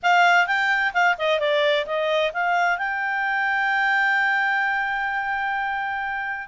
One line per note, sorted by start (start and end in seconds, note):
0.02 0.46 F5
0.46 0.92 G5
0.93 1.16 F5
1.18 1.39 D#5
1.39 1.85 D5
1.85 2.32 D#5
2.33 2.78 F5
2.78 6.47 G5